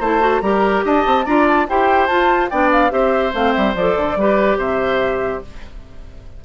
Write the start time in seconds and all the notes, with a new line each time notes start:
0.00 A3 E4 C5 A5
0.20 F#4
0.41 G3 G4 A#4 A#5
0.85 D4 D#5 A5
1.06 C4
1.26 D4 F4 D5 A#5
1.47 A5
1.69 E4 G4 C5 G5
2.07 F4 A5
2.50 B3 D4 D5 G5
2.72 F5
2.90 C4 G4 C5 E5
3.34 A3 C4 F5
3.53 G3 E5
3.75 F3 A4 D5
3.97 D3
4.16 G3 G4 B4
4.57 C3 C5 E5